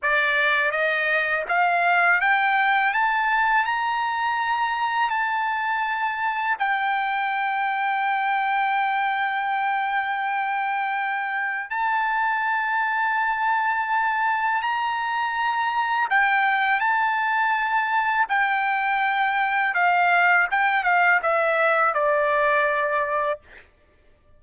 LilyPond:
\new Staff \with { instrumentName = "trumpet" } { \time 4/4 \tempo 4 = 82 d''4 dis''4 f''4 g''4 | a''4 ais''2 a''4~ | a''4 g''2.~ | g''1 |
a''1 | ais''2 g''4 a''4~ | a''4 g''2 f''4 | g''8 f''8 e''4 d''2 | }